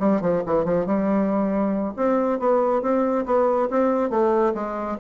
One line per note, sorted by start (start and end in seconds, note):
0.00 0.22 G3
0.22 0.43 F3
0.47 0.65 E3
0.65 0.87 F3
0.87 1.94 G3
1.97 2.40 C4
2.40 2.82 B3
2.82 3.26 C4
3.26 3.69 B3
3.71 4.10 C4
4.10 4.54 A3
4.55 4.98 G#3